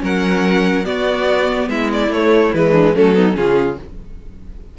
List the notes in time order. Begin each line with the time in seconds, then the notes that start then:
0.00 F#3 C#4 A#4 F#5
0.85 B3 F#4 D5
1.68 G#3 E4 E5
1.93 D5
2.09 A3 C#5
2.54 E3 G#3 B4
2.71 D4
2.95 F#3 A3 C#4 A4
3.15 B3 D#4
3.33 C#3 C#4 F4 G#4